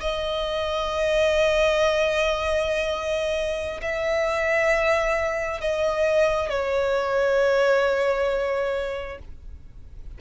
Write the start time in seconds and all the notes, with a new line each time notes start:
0.00 D#5
3.81 E5
5.61 D#5
6.50 C#5